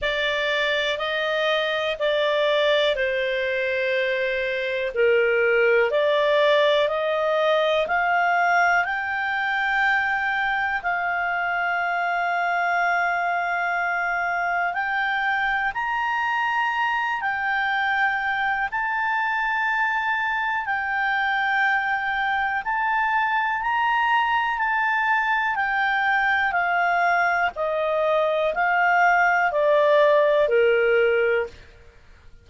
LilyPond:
\new Staff \with { instrumentName = "clarinet" } { \time 4/4 \tempo 4 = 61 d''4 dis''4 d''4 c''4~ | c''4 ais'4 d''4 dis''4 | f''4 g''2 f''4~ | f''2. g''4 |
ais''4. g''4. a''4~ | a''4 g''2 a''4 | ais''4 a''4 g''4 f''4 | dis''4 f''4 d''4 ais'4 | }